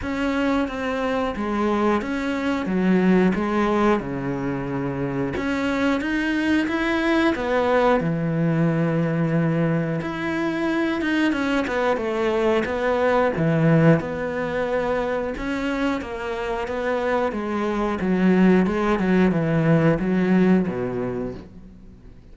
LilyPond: \new Staff \with { instrumentName = "cello" } { \time 4/4 \tempo 4 = 90 cis'4 c'4 gis4 cis'4 | fis4 gis4 cis2 | cis'4 dis'4 e'4 b4 | e2. e'4~ |
e'8 dis'8 cis'8 b8 a4 b4 | e4 b2 cis'4 | ais4 b4 gis4 fis4 | gis8 fis8 e4 fis4 b,4 | }